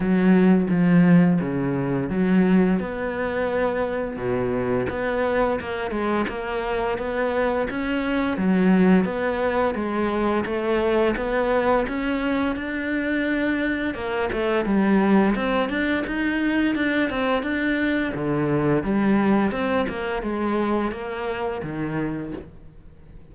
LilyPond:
\new Staff \with { instrumentName = "cello" } { \time 4/4 \tempo 4 = 86 fis4 f4 cis4 fis4 | b2 b,4 b4 | ais8 gis8 ais4 b4 cis'4 | fis4 b4 gis4 a4 |
b4 cis'4 d'2 | ais8 a8 g4 c'8 d'8 dis'4 | d'8 c'8 d'4 d4 g4 | c'8 ais8 gis4 ais4 dis4 | }